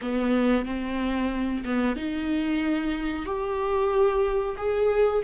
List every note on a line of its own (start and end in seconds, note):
0.01 0.65 B3
0.65 1.63 C4
1.65 1.96 B3
1.96 3.25 D#4
3.25 4.56 G4
4.57 5.22 G#4